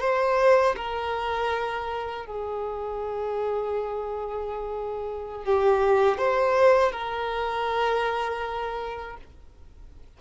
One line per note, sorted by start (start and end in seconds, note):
0.00 0.75 C5
0.76 2.26 A#4
2.26 5.44 G#4
5.45 6.17 G4
6.17 6.92 C5
6.92 9.17 A#4